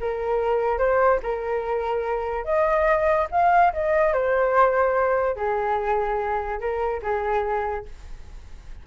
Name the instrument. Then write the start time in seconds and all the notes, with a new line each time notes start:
flute
0.00 A#4
0.78 C5
1.22 A#4
2.44 D#5
3.31 F5
3.73 D#5
4.13 C5
5.36 G#4
6.59 A#4
7.02 G#4